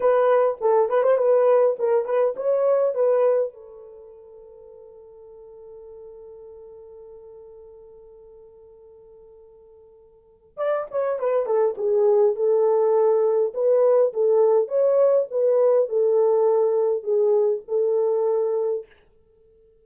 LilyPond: \new Staff \with { instrumentName = "horn" } { \time 4/4 \tempo 4 = 102 b'4 a'8 b'16 c''16 b'4 ais'8 b'8 | cis''4 b'4 a'2~ | a'1~ | a'1~ |
a'2 d''8 cis''8 b'8 a'8 | gis'4 a'2 b'4 | a'4 cis''4 b'4 a'4~ | a'4 gis'4 a'2 | }